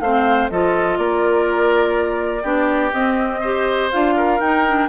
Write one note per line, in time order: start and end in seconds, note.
0.00 0.49 A3
0.00 0.51 C4
0.00 0.51 C5
0.00 0.49 F5
0.50 0.98 F3
0.50 2.43 F4
0.50 0.99 A4
0.50 0.98 D#5
0.98 2.43 A#3
0.98 2.43 A#4
0.98 2.92 D5
2.43 2.92 B3
2.43 2.92 D4
2.43 3.40 G4
2.92 3.91 C4
2.92 3.42 C4
2.92 3.90 D#5
3.40 3.91 G4
3.40 4.14 C5
3.91 4.40 D4
3.91 4.40 F4
3.91 4.40 F5
4.16 4.88 A#4
4.40 4.88 D#4
4.40 4.66 D#4
4.40 4.88 G5
4.66 4.88 D4